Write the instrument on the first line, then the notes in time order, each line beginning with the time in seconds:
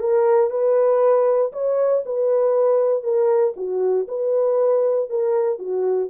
horn
0.00 A#4
0.50 B4
1.53 C#5
2.05 B4
3.03 A#4
3.56 F#4
4.08 B4
5.10 A#4
5.59 F#4